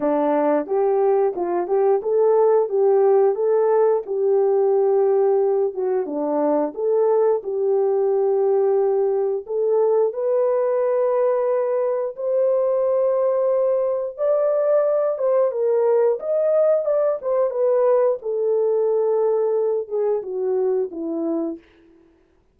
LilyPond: \new Staff \with { instrumentName = "horn" } { \time 4/4 \tempo 4 = 89 d'4 g'4 f'8 g'8 a'4 | g'4 a'4 g'2~ | g'8 fis'8 d'4 a'4 g'4~ | g'2 a'4 b'4~ |
b'2 c''2~ | c''4 d''4. c''8 ais'4 | dis''4 d''8 c''8 b'4 a'4~ | a'4. gis'8 fis'4 e'4 | }